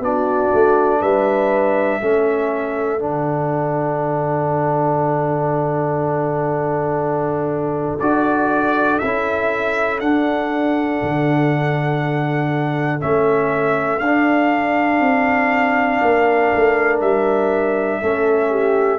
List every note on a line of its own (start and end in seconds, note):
0.00 0.50 B3
0.00 2.02 D4
0.00 1.00 F#4
0.00 1.02 D5
0.54 1.02 A3
1.00 2.02 G3
1.00 2.00 B4
1.00 3.01 E5
2.01 3.03 A3
2.01 3.00 C#4
2.01 16.01 A4
3.00 8.01 D3
3.00 8.00 D4
3.00 8.00 F#5
8.00 9.01 D4
8.00 9.02 F#4
8.00 8.99 D5
8.99 10.02 C#4
8.99 10.01 E4
8.99 9.99 E5
10.00 13.01 D4
10.00 11.02 D4
10.00 13.00 F#5
11.03 13.03 D3
13.01 14.01 A3
13.01 14.01 C#4
13.01 13.99 E5
13.99 15.01 D4
13.99 16.99 F5
14.06 18.03 D4
15.01 16.01 C4
16.02 16.52 A#3
16.02 18.02 A#4
16.56 17.02 A3
17.01 18.02 G3
17.01 19.00 E5
18.02 19.00 A3
18.02 19.00 C#4
18.02 18.50 A4
18.50 19.00 G4